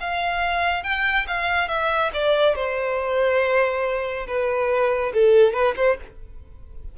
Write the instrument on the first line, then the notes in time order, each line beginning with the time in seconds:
violin
0.00 F5
0.83 G5
1.27 F5
1.68 E5
2.13 D5
2.55 C5
4.27 B4
5.14 A4
5.53 B4
5.76 C5